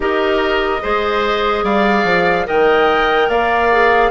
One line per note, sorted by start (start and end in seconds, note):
0.00 0.79 D#4
0.00 0.81 G4
0.00 0.82 A#4
0.00 1.64 D#5
0.81 1.63 G#3
0.81 2.45 G#4
0.81 1.64 C5
1.63 2.04 G3
1.63 2.46 D5
1.63 2.46 F5
2.04 2.45 F3
2.45 3.28 D#3
2.45 3.69 A#4
2.45 3.28 D#5
2.45 3.29 G5
3.28 4.10 A#3
3.28 4.10 D5
3.28 4.10 F5
3.71 4.10 G#4